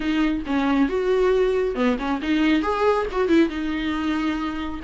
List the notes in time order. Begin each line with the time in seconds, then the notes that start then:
0.00 D#4
0.46 C#4
0.88 F#4
1.75 B3
1.98 C#4
2.21 D#4
2.62 G#4
3.11 F#4
3.28 E4
3.49 D#4